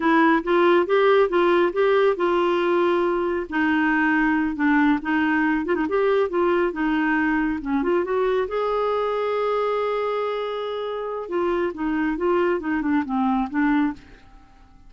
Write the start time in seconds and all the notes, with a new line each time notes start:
0.00 E4
0.43 F4
0.86 G4
1.29 F4
1.73 G4
2.16 F4
3.49 D#4
4.55 D4
5.01 D#4
5.65 F4
5.75 D#4
5.89 G4
6.29 F4
6.72 D#4
7.61 C#4
7.83 F4
8.04 F#4
8.48 G#4
11.28 F4
11.74 D#4
12.17 F4
12.60 D#4
12.81 D4
13.05 C4
13.49 D4